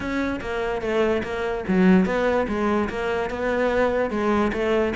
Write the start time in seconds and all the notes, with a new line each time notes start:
0.00 C#4
0.41 A#3
0.81 A3
1.23 A#3
1.68 F#3
2.05 B3
2.48 G#3
2.89 A#3
3.30 B3
4.10 G#3
4.52 A3